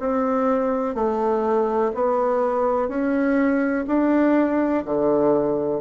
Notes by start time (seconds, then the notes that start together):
0.00 C4
0.95 A3
1.95 B3
2.89 C#4
3.88 D4
4.86 D3